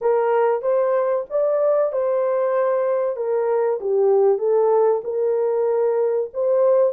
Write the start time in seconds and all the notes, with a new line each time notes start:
0.01 A#4
0.61 C5
1.30 D5
1.92 C5
3.16 A#4
3.80 G4
4.38 A4
5.04 A#4
6.33 C5